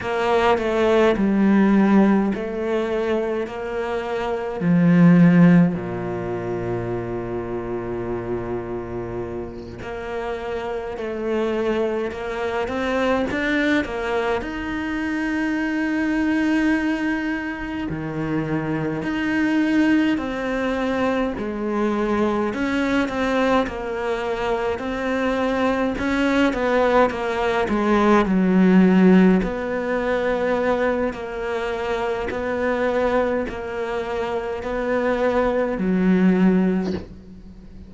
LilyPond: \new Staff \with { instrumentName = "cello" } { \time 4/4 \tempo 4 = 52 ais8 a8 g4 a4 ais4 | f4 ais,2.~ | ais,8 ais4 a4 ais8 c'8 d'8 | ais8 dis'2. dis8~ |
dis8 dis'4 c'4 gis4 cis'8 | c'8 ais4 c'4 cis'8 b8 ais8 | gis8 fis4 b4. ais4 | b4 ais4 b4 fis4 | }